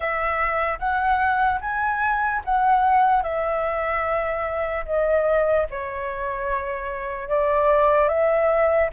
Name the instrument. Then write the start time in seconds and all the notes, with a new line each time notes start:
flute
0.00 E5
0.79 F#5
1.60 G#5
2.44 F#5
3.22 E5
4.85 D#5
5.70 C#5
7.28 D5
8.08 E5